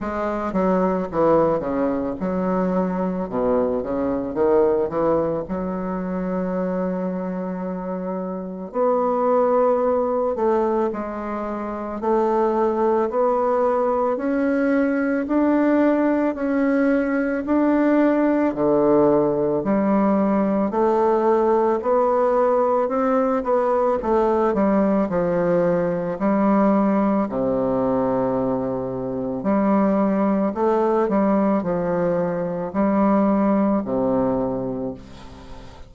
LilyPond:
\new Staff \with { instrumentName = "bassoon" } { \time 4/4 \tempo 4 = 55 gis8 fis8 e8 cis8 fis4 b,8 cis8 | dis8 e8 fis2. | b4. a8 gis4 a4 | b4 cis'4 d'4 cis'4 |
d'4 d4 g4 a4 | b4 c'8 b8 a8 g8 f4 | g4 c2 g4 | a8 g8 f4 g4 c4 | }